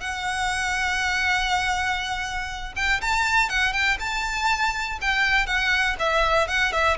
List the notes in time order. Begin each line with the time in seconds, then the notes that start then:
0.00 F#5
2.76 G5
3.01 A5
3.49 F#5
3.73 G5
3.99 A5
5.01 G5
5.46 F#5
5.99 E5
6.47 F#5
6.72 E5